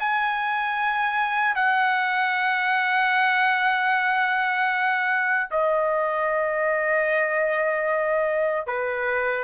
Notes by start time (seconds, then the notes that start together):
0.00 G#5
1.55 F#5
5.51 D#5
8.67 B4